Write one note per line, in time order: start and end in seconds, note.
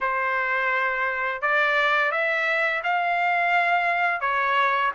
0.00 1.41 C5
1.41 2.11 D5
2.11 2.82 E5
2.83 4.21 F5
4.21 4.91 C#5